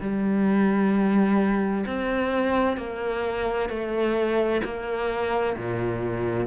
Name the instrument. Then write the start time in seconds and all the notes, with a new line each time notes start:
cello
0.00 G3
1.86 C4
2.77 A#3
3.69 A3
4.64 A#3
5.56 A#2